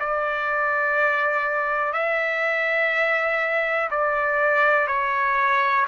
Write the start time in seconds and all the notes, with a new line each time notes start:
0.00 D5
1.94 E5
3.91 D5
4.88 C#5